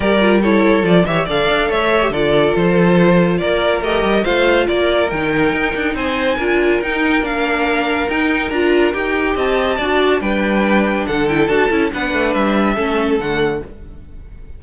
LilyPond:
<<
  \new Staff \with { instrumentName = "violin" } { \time 4/4 \tempo 4 = 141 d''4 cis''4 d''8 e''8 f''4 | e''4 d''4 c''2 | d''4 dis''4 f''4 d''4 | g''2 gis''2 |
g''4 f''2 g''4 | ais''4 g''4 a''2 | g''2 fis''8 g''8 a''4 | fis''4 e''2 fis''4 | }
  \new Staff \with { instrumentName = "violin" } { \time 4/4 ais'4 a'4. cis''8 d''4 | cis''4 a'2. | ais'2 c''4 ais'4~ | ais'2 c''4 ais'4~ |
ais'1~ | ais'2 dis''4 d''4 | b'2 a'2 | b'2 a'2 | }
  \new Staff \with { instrumentName = "viola" } { \time 4/4 g'8 f'8 e'4 f'8 g'8 a'4~ | a'8. g'16 f'2.~ | f'4 g'4 f'2 | dis'2. f'4 |
dis'4 d'2 dis'4 | f'4 g'2 fis'4 | d'2~ d'8 e'8 fis'8 e'8 | d'2 cis'4 a4 | }
  \new Staff \with { instrumentName = "cello" } { \time 4/4 g2 f8 e8 d8 d'8 | a4 d4 f2 | ais4 a8 g8 a4 ais4 | dis4 dis'8 d'8 c'4 d'4 |
dis'4 ais2 dis'4 | d'4 dis'4 c'4 d'4 | g2 d4 d'8 cis'8 | b8 a8 g4 a4 d4 | }
>>